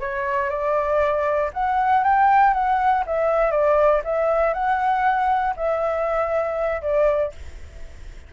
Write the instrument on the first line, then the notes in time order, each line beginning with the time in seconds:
flute
0.00 C#5
0.50 D5
1.53 F#5
2.04 G5
2.54 F#5
3.06 E5
3.51 D5
4.04 E5
4.54 F#5
5.56 E5
6.82 D5